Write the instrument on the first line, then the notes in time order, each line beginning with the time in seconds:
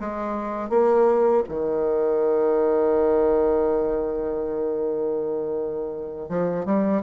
bassoon
0.00 G#3
0.70 A#3
1.49 D#3
6.29 F3
6.65 G3